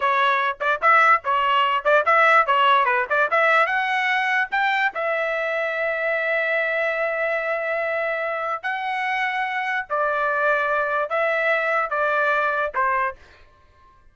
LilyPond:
\new Staff \with { instrumentName = "trumpet" } { \time 4/4 \tempo 4 = 146 cis''4. d''8 e''4 cis''4~ | cis''8 d''8 e''4 cis''4 b'8 d''8 | e''4 fis''2 g''4 | e''1~ |
e''1~ | e''4 fis''2. | d''2. e''4~ | e''4 d''2 c''4 | }